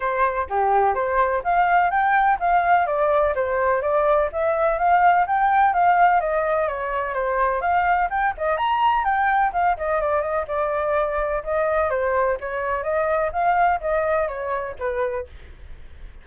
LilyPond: \new Staff \with { instrumentName = "flute" } { \time 4/4 \tempo 4 = 126 c''4 g'4 c''4 f''4 | g''4 f''4 d''4 c''4 | d''4 e''4 f''4 g''4 | f''4 dis''4 cis''4 c''4 |
f''4 g''8 dis''8 ais''4 g''4 | f''8 dis''8 d''8 dis''8 d''2 | dis''4 c''4 cis''4 dis''4 | f''4 dis''4 cis''4 b'4 | }